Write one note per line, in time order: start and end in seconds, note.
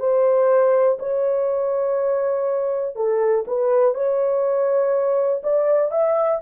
0.00 0.98 C5
1.00 2.96 C#5
2.96 3.45 A4
3.47 3.95 B4
3.95 5.43 C#5
5.44 5.92 D5
5.92 6.41 E5